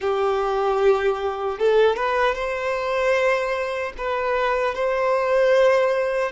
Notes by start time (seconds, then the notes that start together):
0.00 G4
1.58 A4
1.96 B4
2.34 C5
3.97 B4
4.74 C5